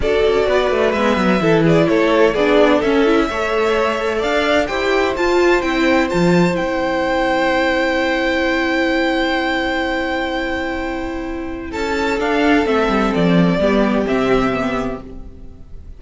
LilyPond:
<<
  \new Staff \with { instrumentName = "violin" } { \time 4/4 \tempo 4 = 128 d''2 e''4. d''8 | cis''4 d''4 e''2~ | e''4 f''4 g''4 a''4 | g''4 a''4 g''2~ |
g''1~ | g''1~ | g''4 a''4 f''4 e''4 | d''2 e''2 | }
  \new Staff \with { instrumentName = "violin" } { \time 4/4 a'4 b'2 a'8 gis'8 | a'4 gis'4 a'4 cis''4~ | cis''4 d''4 c''2~ | c''1~ |
c''1~ | c''1~ | c''4 a'2.~ | a'4 g'2. | }
  \new Staff \with { instrumentName = "viola" } { \time 4/4 fis'2 b4 e'4~ | e'4 d'4 cis'8 e'8 a'4~ | a'2 g'4 f'4 | e'4 f'4 e'2~ |
e'1~ | e'1~ | e'2 d'4 c'4~ | c'4 b4 c'4 b4 | }
  \new Staff \with { instrumentName = "cello" } { \time 4/4 d'8 cis'8 b8 a8 gis8 fis8 e4 | a4 b4 cis'4 a4~ | a4 d'4 e'4 f'4 | c'4 f4 c'2~ |
c'1~ | c'1~ | c'4 cis'4 d'4 a8 g8 | f4 g4 c2 | }
>>